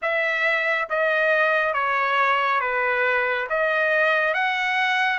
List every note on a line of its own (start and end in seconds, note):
0.02 0.89 E5
0.89 1.73 D#5
1.73 2.60 C#5
2.60 3.47 B4
3.49 4.34 D#5
4.34 5.19 F#5